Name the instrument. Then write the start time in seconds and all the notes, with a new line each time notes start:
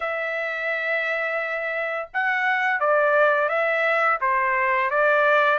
trumpet
0.00 E5
2.13 F#5
2.80 D5
3.49 E5
4.21 C5
4.90 D5